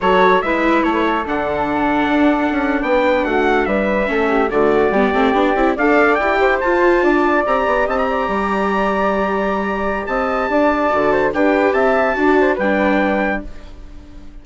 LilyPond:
<<
  \new Staff \with { instrumentName = "trumpet" } { \time 4/4 \tempo 4 = 143 cis''4 e''4 cis''4 fis''4~ | fis''2~ fis''8. g''4 fis''16~ | fis''8. e''2 d''4~ d''16~ | d''4.~ d''16 f''4 g''4 a''16~ |
a''4.~ a''16 ais''4 a''16 ais''4~ | ais''1 | a''2. g''4 | a''2 g''2 | }
  \new Staff \with { instrumentName = "flute" } { \time 4/4 a'4 b'4 a'16 b'16 a'4.~ | a'2~ a'8. b'4 fis'16~ | fis'8. b'4 a'8 g'8 fis'4 g'16~ | g'4.~ g'16 d''4. c''8.~ |
c''8. d''2 dis''8 d''8.~ | d''1 | dis''4 d''4. c''8 b'4 | e''4 d''8 c''8 b'2 | }
  \new Staff \with { instrumentName = "viola" } { \time 4/4 fis'4 e'2 d'4~ | d'1~ | d'4.~ d'16 cis'4 a4 b16~ | b16 c'8 d'8 e'8 a'4 g'4 f'16~ |
f'4.~ f'16 g'2~ g'16~ | g'1~ | g'2 fis'4 g'4~ | g'4 fis'4 d'2 | }
  \new Staff \with { instrumentName = "bassoon" } { \time 4/4 fis4 gis4 a4 d4~ | d4 d'4 cis'8. b4 a16~ | a8. g4 a4 d4 g16~ | g16 a8 b8 c'8 d'4 e'4 f'16~ |
f'8. d'4 c'8 b8 c'4 g16~ | g1 | c'4 d'4 d4 d'4 | c'4 d'4 g2 | }
>>